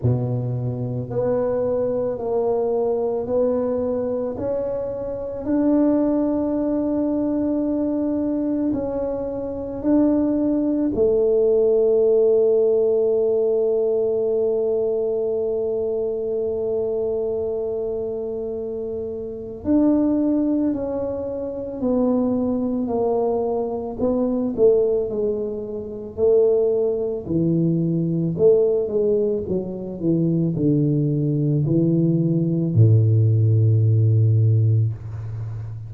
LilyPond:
\new Staff \with { instrumentName = "tuba" } { \time 4/4 \tempo 4 = 55 b,4 b4 ais4 b4 | cis'4 d'2. | cis'4 d'4 a2~ | a1~ |
a2 d'4 cis'4 | b4 ais4 b8 a8 gis4 | a4 e4 a8 gis8 fis8 e8 | d4 e4 a,2 | }